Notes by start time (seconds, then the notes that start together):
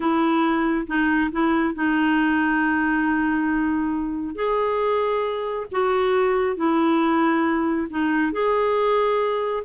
0.00 E4
0.86 D#4
1.31 E4
1.74 D#4
4.35 G#4
5.71 F#4
6.56 E4
7.90 D#4
8.32 G#4